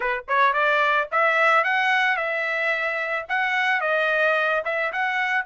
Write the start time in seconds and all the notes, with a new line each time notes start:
0.00 B4
0.28 C#5
0.53 D5
1.11 E5
1.64 F#5
2.16 E5
3.29 F#5
3.81 D#5
4.64 E5
4.92 F#5